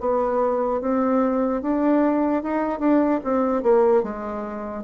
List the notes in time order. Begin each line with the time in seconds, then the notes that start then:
0.00 B3
0.81 C4
1.62 D4
2.43 D#4
2.79 D4
3.24 C4
3.62 A#3
4.03 G#3